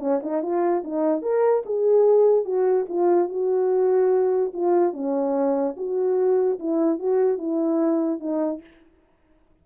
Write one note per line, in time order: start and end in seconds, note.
0.00 0.21 C#4
0.23 0.43 D#4
0.43 0.84 F4
0.84 1.22 D#4
1.22 1.63 A#4
1.66 2.45 G#4
2.45 2.86 F#4
2.89 3.29 F4
3.29 4.52 F#4
4.54 4.94 F4
4.94 5.76 C#4
5.77 6.59 F#4
6.59 7.00 E4
7.00 7.38 F#4
7.38 8.20 E4
8.20 8.61 D#4